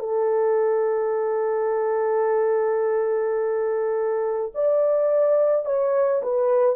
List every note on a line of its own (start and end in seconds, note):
0.00 4.53 A4
4.55 5.66 D5
5.66 6.23 C#5
6.23 6.76 B4